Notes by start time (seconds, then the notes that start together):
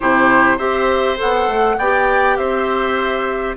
0.00 C3 E4 G4 C5
0.57 C4 G4 C5 E5
1.16 B3 A4 F#5
1.47 A3
1.78 B3 G4 D5 G5
2.36 C4 C5 E5